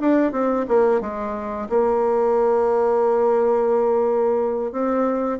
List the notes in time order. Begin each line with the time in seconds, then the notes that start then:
0.00 D4
0.32 C4
0.68 A#3
1.01 G#3
1.69 A#3
4.72 C4